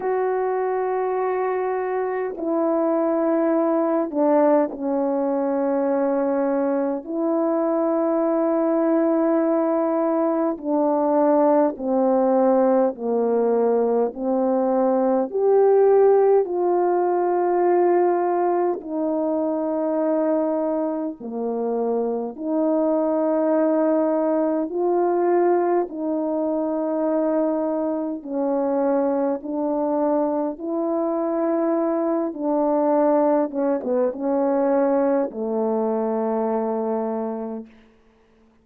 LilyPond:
\new Staff \with { instrumentName = "horn" } { \time 4/4 \tempo 4 = 51 fis'2 e'4. d'8 | cis'2 e'2~ | e'4 d'4 c'4 ais4 | c'4 g'4 f'2 |
dis'2 ais4 dis'4~ | dis'4 f'4 dis'2 | cis'4 d'4 e'4. d'8~ | d'8 cis'16 b16 cis'4 a2 | }